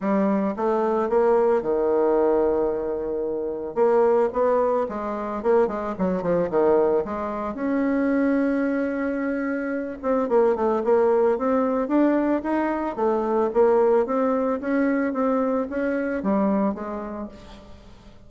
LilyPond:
\new Staff \with { instrumentName = "bassoon" } { \time 4/4 \tempo 4 = 111 g4 a4 ais4 dis4~ | dis2. ais4 | b4 gis4 ais8 gis8 fis8 f8 | dis4 gis4 cis'2~ |
cis'2~ cis'8 c'8 ais8 a8 | ais4 c'4 d'4 dis'4 | a4 ais4 c'4 cis'4 | c'4 cis'4 g4 gis4 | }